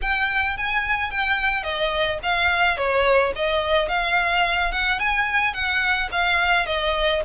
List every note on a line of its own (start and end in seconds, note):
0.01 0.57 G5
0.57 1.11 G#5
1.11 1.63 G5
1.63 2.18 D#5
2.22 2.77 F5
2.77 3.32 C#5
3.35 3.88 D#5
3.88 4.71 F5
4.72 4.99 F#5
4.99 5.53 G#5
5.53 6.09 F#5
6.11 6.66 F5
6.66 7.21 D#5